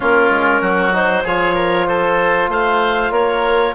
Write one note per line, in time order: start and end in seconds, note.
0.00 0.30 A#3
0.00 0.92 C#4
0.00 0.61 F4
0.00 0.95 A#4
0.30 0.61 G#3
0.61 1.23 F#3
0.61 1.23 F#4
0.92 1.24 D#4
0.92 1.26 C5
1.23 2.48 F3
1.23 3.74 F4
1.23 1.54 G#4
1.23 1.87 C#5
1.54 1.86 A#4
1.87 2.49 A4
1.87 2.50 C5
2.48 3.10 A3
2.48 3.12 C5
2.48 3.12 F5
3.10 3.73 A#3
3.10 3.74 A#4
3.10 3.74 C#5